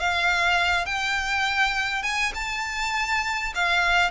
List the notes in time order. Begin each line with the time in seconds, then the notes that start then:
0.00 F5
0.86 G5
2.03 G#5
2.35 A5
3.56 F5